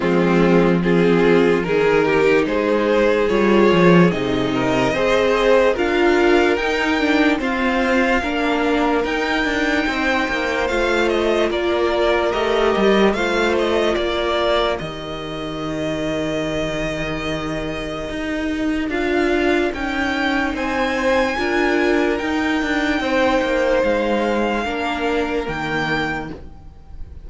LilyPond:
<<
  \new Staff \with { instrumentName = "violin" } { \time 4/4 \tempo 4 = 73 f'4 gis'4 ais'4 c''4 | cis''4 dis''2 f''4 | g''4 f''2 g''4~ | g''4 f''8 dis''8 d''4 dis''4 |
f''8 dis''8 d''4 dis''2~ | dis''2. f''4 | g''4 gis''2 g''4~ | g''4 f''2 g''4 | }
  \new Staff \with { instrumentName = "violin" } { \time 4/4 c'4 f'4 gis'8 g'8 gis'4~ | gis'4. ais'8 c''4 ais'4~ | ais'4 c''4 ais'2 | c''2 ais'2 |
c''4 ais'2.~ | ais'1~ | ais'4 c''4 ais'2 | c''2 ais'2 | }
  \new Staff \with { instrumentName = "viola" } { \time 4/4 gis4 c'4 dis'2 | f'4 dis'4 gis'4 f'4 | dis'8 d'8 c'4 d'4 dis'4~ | dis'4 f'2 g'4 |
f'2 g'2~ | g'2. f'4 | dis'2 f'4 dis'4~ | dis'2 d'4 ais4 | }
  \new Staff \with { instrumentName = "cello" } { \time 4/4 f2 dis4 gis4 | g8 f8 c4 c'4 d'4 | dis'4 f'4 ais4 dis'8 d'8 | c'8 ais8 a4 ais4 a8 g8 |
a4 ais4 dis2~ | dis2 dis'4 d'4 | cis'4 c'4 d'4 dis'8 d'8 | c'8 ais8 gis4 ais4 dis4 | }
>>